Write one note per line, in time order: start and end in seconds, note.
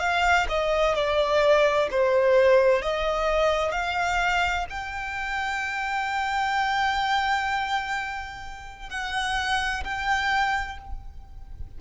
0.00 0.47 F5
0.49 0.95 D#5
0.95 1.88 D5
1.91 2.82 C5
2.82 3.72 D#5
3.72 4.66 F5
4.70 8.90 G5
8.90 9.84 F#5
9.84 10.78 G5